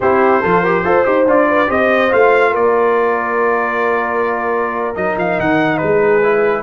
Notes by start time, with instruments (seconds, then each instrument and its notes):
0.00 tuba C4, trombone E4, horn G4, trumpet C5
0.41 tuba F3, trombone F4, horn A4
0.61 trombone G4, horn A#4
0.84 tuba F4, trombone A4, horn C5
1.05 tuba D#4, trombone G4
1.26 tuba D4, trombone F4, trumpet D5
1.47 horn B4
1.67 tuba C4, trombone G4, horn C5, trumpet D#5
2.09 tuba A3, trombone F4, trumpet F5
2.50 tuba A#3, horn A#4, trumpet D5
4.95 tuba F#3, trombone D#4, trumpet D#5
5.16 tuba F3, trumpet F5
5.39 tuba D#3, trumpet F#5
5.77 tuba G#3, horn G#4, trumpet B4
6.23 trombone E4